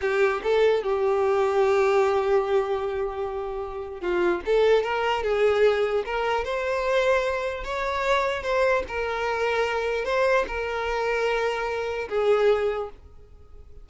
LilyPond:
\new Staff \with { instrumentName = "violin" } { \time 4/4 \tempo 4 = 149 g'4 a'4 g'2~ | g'1~ | g'2 f'4 a'4 | ais'4 gis'2 ais'4 |
c''2. cis''4~ | cis''4 c''4 ais'2~ | ais'4 c''4 ais'2~ | ais'2 gis'2 | }